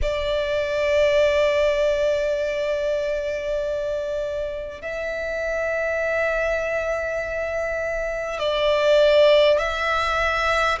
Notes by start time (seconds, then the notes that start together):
0.02 D5
4.81 E5
8.39 D5
9.58 E5